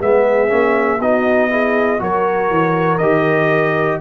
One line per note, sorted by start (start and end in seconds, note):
0.00 0.51 G#3
0.00 0.49 B3
0.00 1.00 G#4
0.00 1.01 E5
0.49 1.00 A#3
0.49 0.99 C#4
1.00 2.00 B3
1.00 1.50 D#4
1.00 1.50 F#4
1.00 2.01 D#5
1.50 1.99 E4
1.50 2.01 G#4
1.99 2.50 F#3
1.99 2.99 F#4
1.99 4.01 A#4
1.99 2.98 C#5
2.50 3.00 E3
2.98 4.00 D#3
2.98 4.01 G4
2.98 3.98 D#5